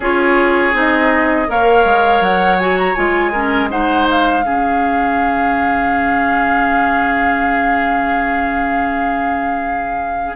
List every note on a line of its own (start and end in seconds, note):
0.00 0.73 C#4
0.00 0.73 F4
0.00 1.47 G#4
0.00 0.77 C#5
0.73 1.47 C4
0.73 1.47 D#4
0.73 1.50 D#5
1.47 1.84 A#3
1.47 2.58 A#4
1.47 3.32 C#5
1.47 2.22 F5
1.84 2.20 G#3
2.20 2.94 F#3
2.20 2.58 F#5
2.58 2.95 F#4
2.58 2.77 G#5
2.78 2.94 A#5
2.94 4.44 G#3
2.94 3.32 F4
2.94 3.69 G#5
3.32 3.69 C#4
3.32 3.69 A#4
3.69 4.43 D#4
3.69 4.44 C5
3.69 4.07 F#5
4.10 10.36 F5
4.43 10.36 C#3
4.43 10.35 C#4
4.43 10.36 G#4